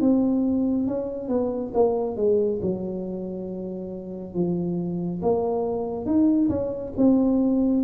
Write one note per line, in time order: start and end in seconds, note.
0.00 0.87 C4
0.87 1.28 C#4
1.28 1.72 B3
1.74 2.17 A#3
2.17 2.60 G#3
2.62 4.34 F#3
4.34 5.21 F3
5.22 6.06 A#3
6.06 6.49 D#4
6.49 6.93 C#4
6.97 7.84 C4